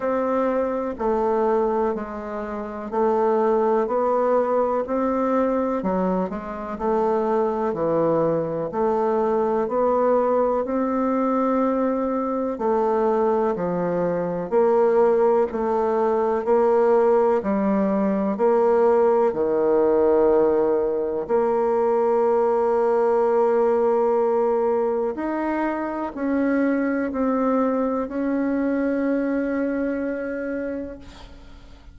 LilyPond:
\new Staff \with { instrumentName = "bassoon" } { \time 4/4 \tempo 4 = 62 c'4 a4 gis4 a4 | b4 c'4 fis8 gis8 a4 | e4 a4 b4 c'4~ | c'4 a4 f4 ais4 |
a4 ais4 g4 ais4 | dis2 ais2~ | ais2 dis'4 cis'4 | c'4 cis'2. | }